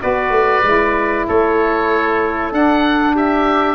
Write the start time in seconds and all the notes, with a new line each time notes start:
0.00 B3 F#4 B4 D5
0.30 A3
0.63 G#3 E4
1.28 A3 A4 C#5
2.52 D4 F#5
3.15 G4 E5